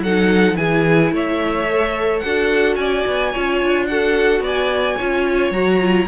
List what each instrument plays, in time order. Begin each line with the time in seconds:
0.00 cello F#3, viola D#4, violin A4 F#5
0.56 cello E3, viola E4, violin G#4 G#5
1.12 cello A3, violin C#5 E5
1.70 viola A4
2.20 cello D4, viola F#4, violin A4 F#5
2.76 cello C#4, violin D5 G#5
3.07 cello B3
3.32 cello C#4, viola F4, violin C#5
3.62 cello D4
3.87 viola F#4, violin A4 F#5
4.40 cello B3, violin D5
4.47 violin G#5
4.97 cello C#4, viola F4, violin C#5
5.51 cello F#3, viola F#4, violin A#5
5.80 viola F4